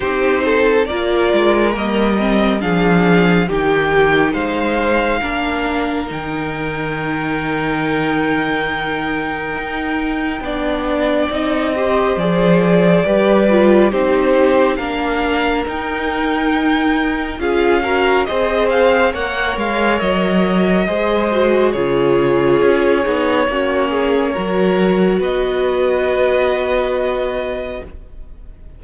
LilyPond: <<
  \new Staff \with { instrumentName = "violin" } { \time 4/4 \tempo 4 = 69 c''4 d''4 dis''4 f''4 | g''4 f''2 g''4~ | g''1~ | g''4 dis''4 d''2 |
c''4 f''4 g''2 | f''4 dis''8 f''8 fis''8 f''8 dis''4~ | dis''4 cis''2.~ | cis''4 dis''2. | }
  \new Staff \with { instrumentName = "violin" } { \time 4/4 g'8 a'8 ais'2 gis'4 | g'4 c''4 ais'2~ | ais'1 | d''4. c''4. b'4 |
g'4 ais'2. | gis'8 ais'8 c''4 cis''2 | c''4 gis'2 fis'8 gis'8 | ais'4 b'2. | }
  \new Staff \with { instrumentName = "viola" } { \time 4/4 dis'4 f'4 ais8 c'8 d'4 | dis'2 d'4 dis'4~ | dis'1 | d'4 dis'8 g'8 gis'4 g'8 f'8 |
dis'4 d'4 dis'2 | f'8 fis'8 gis'4 ais'2 | gis'8 fis'8 f'4. dis'8 cis'4 | fis'1 | }
  \new Staff \with { instrumentName = "cello" } { \time 4/4 c'4 ais8 gis8 g4 f4 | dis4 gis4 ais4 dis4~ | dis2. dis'4 | b4 c'4 f4 g4 |
c'4 ais4 dis'2 | cis'4 c'4 ais8 gis8 fis4 | gis4 cis4 cis'8 b8 ais4 | fis4 b2. | }
>>